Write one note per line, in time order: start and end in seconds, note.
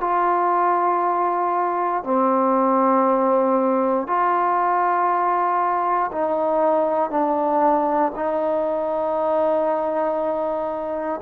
0.00 2.03 F4
2.03 4.07 C4
4.07 6.10 F4
6.12 7.10 D#4
7.10 8.12 D4
8.15 11.20 D#4